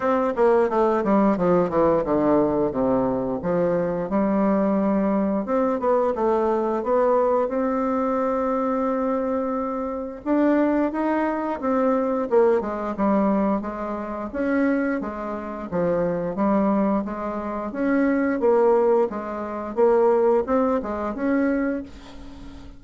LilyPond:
\new Staff \with { instrumentName = "bassoon" } { \time 4/4 \tempo 4 = 88 c'8 ais8 a8 g8 f8 e8 d4 | c4 f4 g2 | c'8 b8 a4 b4 c'4~ | c'2. d'4 |
dis'4 c'4 ais8 gis8 g4 | gis4 cis'4 gis4 f4 | g4 gis4 cis'4 ais4 | gis4 ais4 c'8 gis8 cis'4 | }